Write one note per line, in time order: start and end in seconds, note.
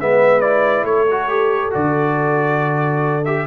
0.00 0.84 G#3
0.00 0.42 B3
0.00 0.87 B4
0.00 0.41 E5
0.41 1.07 E4
0.41 0.85 D5
0.84 1.71 A3
0.84 3.47 A4
0.84 1.72 C#5
1.11 1.29 F#4
1.29 1.71 G4
1.71 3.47 D3
1.71 3.23 F#4
1.71 3.25 D5
3.25 3.47 G4
3.25 3.47 E5